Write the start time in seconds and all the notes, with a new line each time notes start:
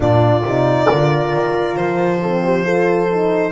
0.00 A#2 D4 F4 D5
0.44 C3 D#4
0.87 D3 F4 A#4
1.33 D#3
1.76 F3 C5
2.21 C4 A4
2.44 G4
2.63 F4 A4
3.10 D#4